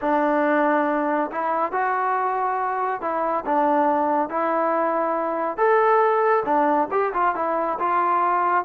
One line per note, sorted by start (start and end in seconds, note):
0.01 1.30 D4
1.31 1.71 E4
1.71 3.01 F#4
3.01 3.44 E4
3.45 4.29 D4
4.29 5.57 E4
5.57 6.43 A4
6.45 6.88 D4
6.91 7.12 G4
7.13 7.35 F4
7.35 7.78 E4
7.79 8.64 F4